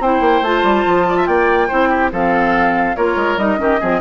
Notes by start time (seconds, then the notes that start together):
0.00 C4 E4 C5 G5
0.20 A#3
0.42 A3 F4 A5
0.63 G3
0.86 F3
1.08 D5
1.17 E5
1.26 A#3 D5 G5
1.68 C4 E4 C5
1.90 G4
2.12 F3 C4 A4 F5
2.96 A#3 F4 A#4 C#5
3.16 G#3
3.37 G3 D#4 D#5
3.58 D#3 C#4 G4
3.80 F3 C4 G#4